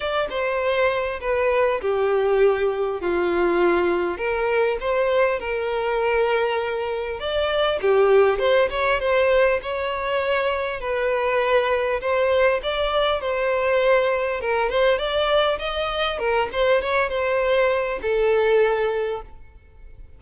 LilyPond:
\new Staff \with { instrumentName = "violin" } { \time 4/4 \tempo 4 = 100 d''8 c''4. b'4 g'4~ | g'4 f'2 ais'4 | c''4 ais'2. | d''4 g'4 c''8 cis''8 c''4 |
cis''2 b'2 | c''4 d''4 c''2 | ais'8 c''8 d''4 dis''4 ais'8 c''8 | cis''8 c''4. a'2 | }